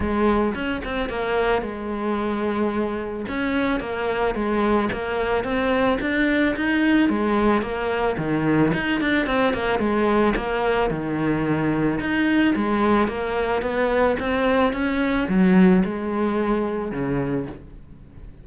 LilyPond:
\new Staff \with { instrumentName = "cello" } { \time 4/4 \tempo 4 = 110 gis4 cis'8 c'8 ais4 gis4~ | gis2 cis'4 ais4 | gis4 ais4 c'4 d'4 | dis'4 gis4 ais4 dis4 |
dis'8 d'8 c'8 ais8 gis4 ais4 | dis2 dis'4 gis4 | ais4 b4 c'4 cis'4 | fis4 gis2 cis4 | }